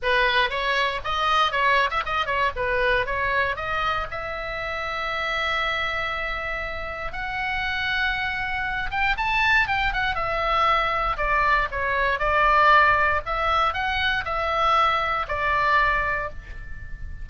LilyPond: \new Staff \with { instrumentName = "oboe" } { \time 4/4 \tempo 4 = 118 b'4 cis''4 dis''4 cis''8. e''16 | dis''8 cis''8 b'4 cis''4 dis''4 | e''1~ | e''2 fis''2~ |
fis''4. g''8 a''4 g''8 fis''8 | e''2 d''4 cis''4 | d''2 e''4 fis''4 | e''2 d''2 | }